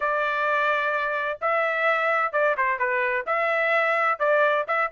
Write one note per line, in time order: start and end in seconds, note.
0.00 1.38 D5
1.41 2.32 E5
2.32 2.55 D5
2.57 2.78 C5
2.78 3.25 B4
3.26 4.19 E5
4.19 4.65 D5
4.67 4.90 E5